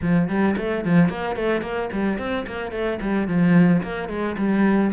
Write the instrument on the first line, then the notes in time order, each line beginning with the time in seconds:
cello
0.01 F3
0.28 G3
0.57 A3
0.85 F3
1.09 A#3
1.36 A3
1.61 A#3
1.92 G3
2.18 C4
2.47 A#3
2.71 A3
3.01 G3
3.27 F3
3.83 A#3
4.08 G#3
4.37 G3